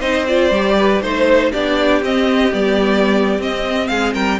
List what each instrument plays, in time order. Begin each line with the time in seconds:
0.00 cello C4, viola D#4, violin C5 D#5
0.28 viola F4, violin D5
0.50 cello G3, viola G4
0.77 violin B4
1.01 cello A3, viola D#4, violin C5
1.51 cello B3, viola D4, violin G4 D5
2.02 cello C4, viola C4, violin D#5
2.52 cello G3, viola B3, violin D5
3.38 viola C4, cello C4, violin D#5
3.88 cello G#3, violin G#4 F5
4.14 cello G3, violin A#4 G5